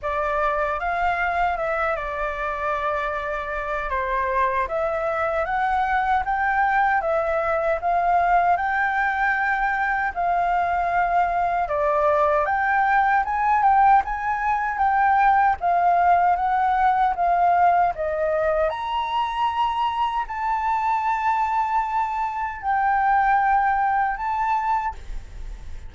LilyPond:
\new Staff \with { instrumentName = "flute" } { \time 4/4 \tempo 4 = 77 d''4 f''4 e''8 d''4.~ | d''4 c''4 e''4 fis''4 | g''4 e''4 f''4 g''4~ | g''4 f''2 d''4 |
g''4 gis''8 g''8 gis''4 g''4 | f''4 fis''4 f''4 dis''4 | ais''2 a''2~ | a''4 g''2 a''4 | }